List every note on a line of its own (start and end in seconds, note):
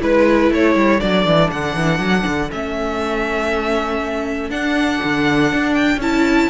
0.00 0.50 G#3
0.00 1.00 E4
0.00 0.52 B4
0.50 0.75 A3
0.50 6.49 A4
0.50 1.00 C#5
0.75 1.00 G3
1.00 1.26 F#3
1.00 2.50 D4
1.00 1.50 D5
1.26 1.51 E3
1.51 1.75 D3
1.51 2.51 F#5
1.75 1.99 E3
1.99 2.24 F#3
2.26 2.51 D3
2.51 4.50 A3
2.51 4.51 C#4
2.51 4.51 E5
4.50 5.00 D4
4.50 6.01 D4
4.50 5.74 F#5
5.04 5.52 D3
5.52 5.97 D4
5.74 5.99 G5
5.97 6.47 C#4
5.97 6.49 E4
5.97 6.49 A5